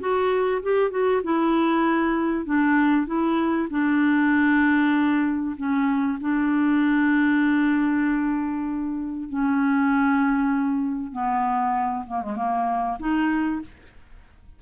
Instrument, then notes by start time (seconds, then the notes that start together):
clarinet
0.00 F#4
0.62 G4
0.91 F#4
1.23 E4
2.45 D4
3.06 E4
3.70 D4
5.57 C#4
6.21 D4
9.29 C#4
11.12 B3
12.07 A#3
12.22 G#3
12.36 A#3
13.00 D#4